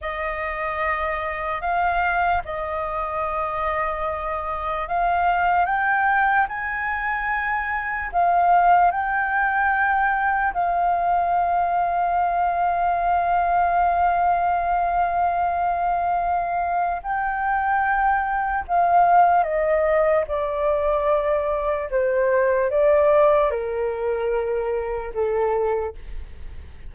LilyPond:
\new Staff \with { instrumentName = "flute" } { \time 4/4 \tempo 4 = 74 dis''2 f''4 dis''4~ | dis''2 f''4 g''4 | gis''2 f''4 g''4~ | g''4 f''2.~ |
f''1~ | f''4 g''2 f''4 | dis''4 d''2 c''4 | d''4 ais'2 a'4 | }